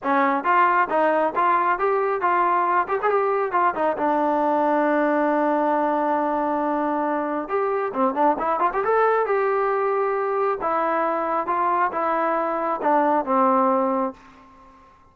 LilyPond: \new Staff \with { instrumentName = "trombone" } { \time 4/4 \tempo 4 = 136 cis'4 f'4 dis'4 f'4 | g'4 f'4. g'16 gis'16 g'4 | f'8 dis'8 d'2.~ | d'1~ |
d'4 g'4 c'8 d'8 e'8 f'16 g'16 | a'4 g'2. | e'2 f'4 e'4~ | e'4 d'4 c'2 | }